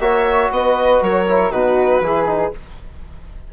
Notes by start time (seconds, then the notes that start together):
0.00 A#3 F#4 C#5 E5
0.51 B3 B4 D#5
1.02 F#3 A#4 C#5
1.29 E4
1.52 B2 D#4 F#4 B4
2.01 E3 E4 G#4
2.27 D#4